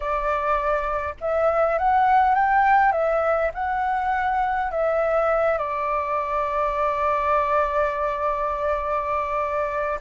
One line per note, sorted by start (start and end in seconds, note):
0.00 1.15 D5
1.20 1.78 E5
1.78 2.34 F#5
2.34 2.92 G5
2.92 3.51 E5
3.53 4.71 F#5
4.71 5.57 E5
5.57 9.99 D5